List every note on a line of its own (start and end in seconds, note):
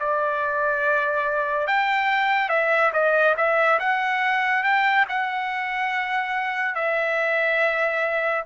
0.00 1.67 D5
1.67 2.50 G5
2.50 2.92 E5
2.93 3.36 D#5
3.37 3.80 E5
3.80 4.64 F#5
4.64 5.06 G5
5.09 6.76 F#5
6.76 8.45 E5